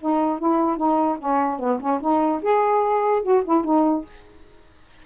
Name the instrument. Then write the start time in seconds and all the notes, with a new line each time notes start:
saxophone
0.00 D#4
0.38 E4
0.76 D#4
1.18 C#4
1.59 B3
1.80 C#4
2.00 D#4
2.42 G#4
3.22 F#4
3.44 E4
3.64 D#4